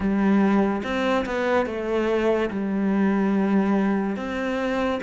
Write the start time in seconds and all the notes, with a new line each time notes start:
0.00 G3
0.83 C4
1.25 B3
1.66 A3
2.50 G3
4.16 C4